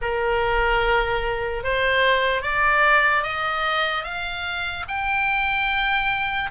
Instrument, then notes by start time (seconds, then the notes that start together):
oboe
0.01 A#4
1.63 C5
2.41 D5
3.23 D#5
4.04 F5
4.88 G5